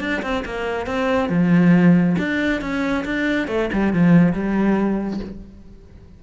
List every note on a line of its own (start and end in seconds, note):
0.00 0.22 D4
0.22 0.44 C4
0.45 0.86 A#3
0.86 1.29 C4
1.29 2.16 F3
2.18 2.61 D4
2.61 3.04 C#4
3.05 3.48 D4
3.48 3.69 A3
3.73 3.93 G3
3.93 4.33 F3
4.33 5.20 G3